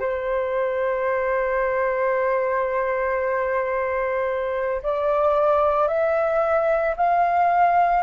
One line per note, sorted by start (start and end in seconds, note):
0.00 4.82 C5
4.83 5.88 D5
5.88 6.95 E5
6.97 8.04 F5